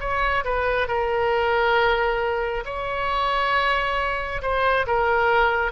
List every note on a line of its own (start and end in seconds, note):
0.00 0.44 C#5
0.45 0.88 B4
0.88 2.64 A#4
2.65 4.42 C#5
4.42 4.86 C5
4.87 5.72 A#4